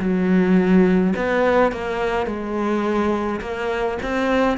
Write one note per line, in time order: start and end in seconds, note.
0.00 1.14 F#3
1.16 1.72 B3
1.72 2.26 A#3
2.26 3.41 G#3
3.41 3.98 A#3
4.03 4.58 C4